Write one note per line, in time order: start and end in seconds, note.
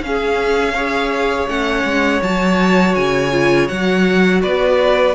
0.00 1.46 C#4
0.00 0.75 C#4
0.00 1.48 F5
0.07 0.73 G#4
0.73 1.48 G#4
0.73 4.39 C#5
1.47 1.84 A3
1.47 2.21 C#4
1.47 2.22 F#5
1.84 2.21 G#3
2.22 2.95 F#3
2.22 3.31 F#4
2.22 2.95 A5
2.95 3.70 C#3
2.95 3.68 G#5
3.31 3.67 F4
3.67 4.43 F#3
3.67 5.13 F#4
3.67 4.41 F#5
4.42 5.15 B3
4.42 5.15 B4
4.42 5.15 D5